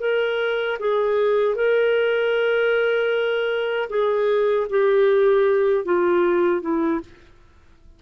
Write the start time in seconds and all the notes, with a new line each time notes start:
0.00 A#4
0.79 G#4
1.55 A#4
3.89 G#4
4.70 G4
5.85 F4
6.61 E4